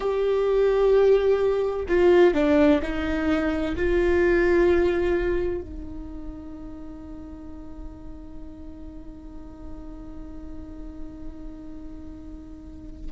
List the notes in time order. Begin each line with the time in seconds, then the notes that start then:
0.00 G4
1.88 F4
2.34 D4
2.82 D#4
3.76 F4
5.61 D#4